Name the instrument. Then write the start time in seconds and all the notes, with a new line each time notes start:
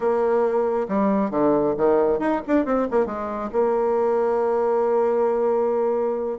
bassoon
0.00 A#3
0.88 G3
1.30 D3
1.77 D#3
2.19 D#4
2.47 D4
2.65 C4
2.90 A#3
3.05 G#3
3.52 A#3